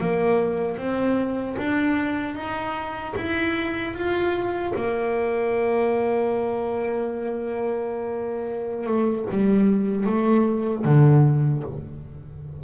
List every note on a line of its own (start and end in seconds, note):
0.00 0.77 A#3
0.77 1.56 C4
1.57 2.35 D4
2.35 3.14 D#4
3.17 3.94 E4
3.94 4.73 F4
4.75 8.86 A#3
8.86 9.25 A3
9.30 10.06 G3
10.06 10.84 A3
10.84 11.63 D3